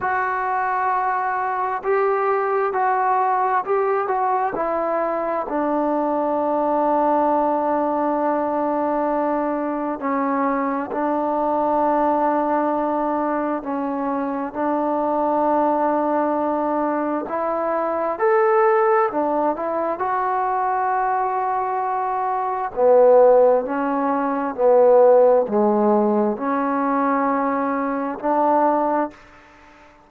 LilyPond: \new Staff \with { instrumentName = "trombone" } { \time 4/4 \tempo 4 = 66 fis'2 g'4 fis'4 | g'8 fis'8 e'4 d'2~ | d'2. cis'4 | d'2. cis'4 |
d'2. e'4 | a'4 d'8 e'8 fis'2~ | fis'4 b4 cis'4 b4 | gis4 cis'2 d'4 | }